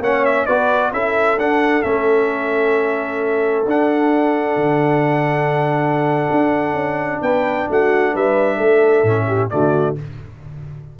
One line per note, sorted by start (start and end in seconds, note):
0.00 0.46 A#3
0.00 0.48 C#4
0.00 0.46 C#5
0.00 0.25 F#5
0.25 0.46 E5
0.46 0.92 B3
0.46 0.93 F#4
0.46 0.92 B4
0.46 0.92 D5
0.92 1.38 C#4
0.92 1.39 E4
0.92 7.22 A4
0.92 1.39 E5
1.38 1.83 D4
1.38 1.82 F#5
1.82 3.66 A3
1.82 3.66 C#4
1.82 3.65 E5
3.66 4.56 D4
3.66 9.06 D4
3.66 7.22 F#5
4.56 6.28 D3
6.31 6.74 D4
6.74 7.19 C#4
7.22 7.67 B3
7.22 7.68 B4
7.22 7.68 G5
7.69 8.15 A3
7.69 8.13 F#4
7.69 8.16 F#5
8.13 8.59 G3
8.13 8.57 B4
8.13 9.50 E5
8.57 9.03 A3
8.57 9.26 A4
9.03 9.49 A2
9.03 9.50 C#4
9.27 9.50 G4
9.50 9.99 D3
9.50 9.96 A3
9.50 10.00 F#4
9.50 9.96 D5